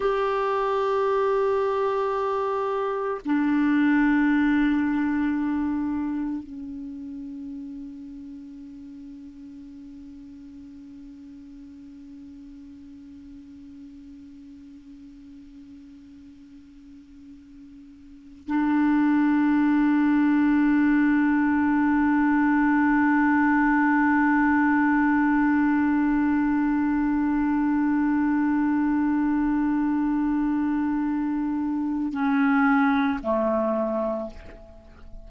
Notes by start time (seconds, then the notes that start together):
0.00 G4
3.25 D4
6.43 C#4
18.47 D4
32.12 C#4
33.22 A3